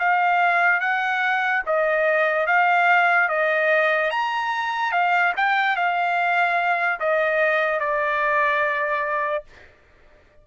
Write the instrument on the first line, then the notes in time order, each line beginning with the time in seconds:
trumpet
0.00 F5
0.81 F#5
1.67 D#5
2.47 F5
3.29 D#5
4.11 A#5
4.92 F5
5.37 G5
5.76 F5
7.00 D#5
7.80 D5